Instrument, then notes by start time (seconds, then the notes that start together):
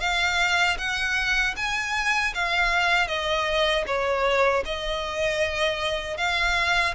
violin
0.00 F5
0.78 F#5
1.56 G#5
2.34 F5
3.07 D#5
3.87 C#5
4.65 D#5
6.17 F5